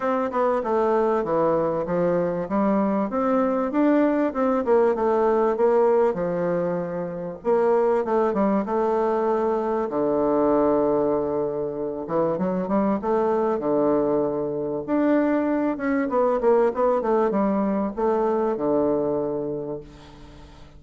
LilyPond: \new Staff \with { instrumentName = "bassoon" } { \time 4/4 \tempo 4 = 97 c'8 b8 a4 e4 f4 | g4 c'4 d'4 c'8 ais8 | a4 ais4 f2 | ais4 a8 g8 a2 |
d2.~ d8 e8 | fis8 g8 a4 d2 | d'4. cis'8 b8 ais8 b8 a8 | g4 a4 d2 | }